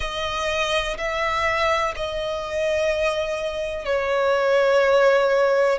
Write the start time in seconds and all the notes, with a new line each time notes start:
0.00 D#5
0.97 E5
1.96 D#5
3.85 C#5